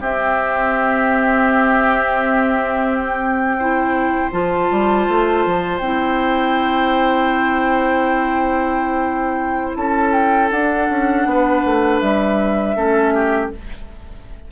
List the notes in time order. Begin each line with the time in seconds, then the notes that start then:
0.00 C4 G4 E5
2.99 G5
3.59 E4 C5
4.32 F3 F4 A5
4.71 G3
5.08 A3
5.46 F3
5.78 C4 E4 G5
9.76 C#4 A4 A5
10.13 G5
10.51 D4 F#5
10.89 C#4
11.26 B3 B4
11.65 A3
12.00 G3 E5
12.76 A3 C#4 A4
13.14 G4